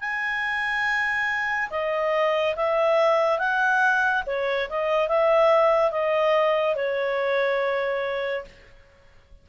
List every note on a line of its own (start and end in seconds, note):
0.00 1.69 G#5
1.70 2.55 D#5
2.55 3.38 E5
3.38 4.23 F#5
4.26 4.68 C#5
4.69 5.08 D#5
5.08 5.91 E5
5.91 6.75 D#5
6.75 8.44 C#5